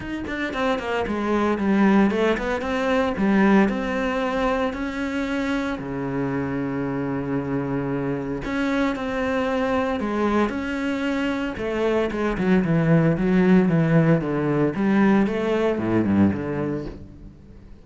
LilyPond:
\new Staff \with { instrumentName = "cello" } { \time 4/4 \tempo 4 = 114 dis'8 d'8 c'8 ais8 gis4 g4 | a8 b8 c'4 g4 c'4~ | c'4 cis'2 cis4~ | cis1 |
cis'4 c'2 gis4 | cis'2 a4 gis8 fis8 | e4 fis4 e4 d4 | g4 a4 a,8 g,8 d4 | }